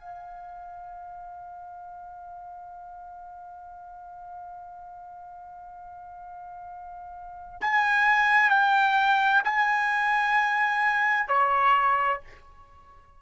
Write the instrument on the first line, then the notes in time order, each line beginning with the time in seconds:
trumpet
0.00 F5
7.61 G#5
8.50 G5
9.44 G#5
11.28 C#5